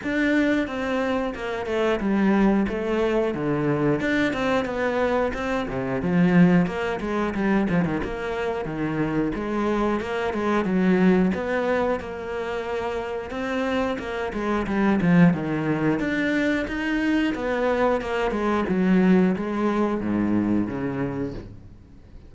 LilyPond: \new Staff \with { instrumentName = "cello" } { \time 4/4 \tempo 4 = 90 d'4 c'4 ais8 a8 g4 | a4 d4 d'8 c'8 b4 | c'8 c8 f4 ais8 gis8 g8 f16 dis16 | ais4 dis4 gis4 ais8 gis8 |
fis4 b4 ais2 | c'4 ais8 gis8 g8 f8 dis4 | d'4 dis'4 b4 ais8 gis8 | fis4 gis4 gis,4 cis4 | }